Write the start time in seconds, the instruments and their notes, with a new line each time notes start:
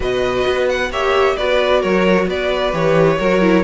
0.00 cello B2, viola F#4, violin B4 D#5
0.46 cello B3
0.68 violin F#5
0.90 cello A#3, viola G4, violin C#5 E5
1.37 cello B3, viola F#4, violin B4 D5
1.80 cello F#3, violin A#4 C#5
2.27 cello B3, violin B4 D5
2.72 cello E3, viola G4, violin C#5
3.18 cello F#3, viola F#4, violin A#4
3.41 viola E4